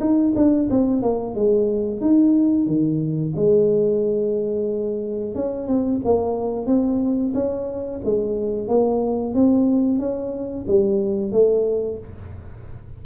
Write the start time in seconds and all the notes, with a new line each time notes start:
0.00 D#4
0.36 D4
0.70 C4
1.02 A#3
1.35 G#3
2.01 D#4
2.67 D#3
3.36 G#3
5.35 C#4
5.67 C4
6.04 A#3
6.66 C4
7.34 C#4
8.05 G#3
8.68 A#3
9.34 C4
9.99 C#4
10.67 G3
11.32 A3